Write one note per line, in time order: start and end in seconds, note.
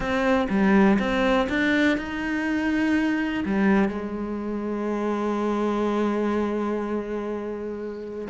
0.00 0.47 C4
0.49 0.98 G3
0.99 1.48 C4
1.49 1.97 D4
1.97 3.44 D#4
3.45 3.88 G3
3.88 8.27 G#3